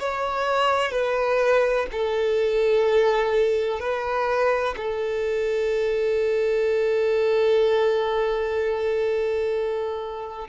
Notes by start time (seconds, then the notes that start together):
0.00 C#5
0.92 B4
1.92 A4
3.80 B4
4.77 A4